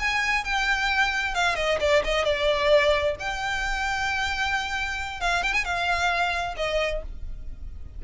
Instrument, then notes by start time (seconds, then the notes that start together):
violin
0.00 G#5
0.44 G5
1.35 F5
1.56 D#5
1.81 D5
2.05 D#5
2.25 D5
3.20 G5
5.21 F5
5.43 G5
5.54 G#5
5.65 F5
6.57 D#5